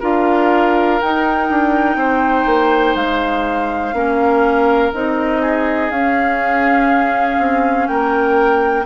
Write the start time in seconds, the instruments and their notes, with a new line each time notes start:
0.00 bassoon D4, clarinet F4, oboe A#4, flute F5
1.01 bassoon D#4, clarinet D#4, flute G5
1.49 bassoon D4
1.95 bassoon C4, oboe C5
2.46 bassoon A#3
2.95 bassoon G#3, flute F5
3.93 bassoon A#3, clarinet C#4, oboe A#4
4.93 bassoon C4, clarinet D#4, flute D#5
5.42 oboe G#4
5.90 bassoon C#4, clarinet C#4, flute F5
7.38 bassoon C4
7.87 bassoon A#3, oboe A#4, flute G5